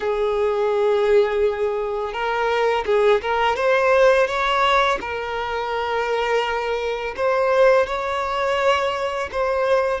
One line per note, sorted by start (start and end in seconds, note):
0.00 2.13 G#4
2.13 2.84 A#4
2.85 3.21 G#4
3.21 3.56 A#4
3.56 4.27 C5
4.27 4.98 C#5
5.00 7.15 A#4
7.16 7.86 C5
7.86 9.29 C#5
9.31 10.00 C5